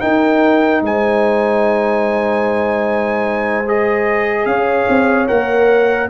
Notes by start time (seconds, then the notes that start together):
0.00 D#4 A#4 G5
0.82 G#3 C5 G#5
3.67 G#4 D#5
4.46 C#4 C#5 F5
4.89 C4
5.28 A#3 A#4 F#5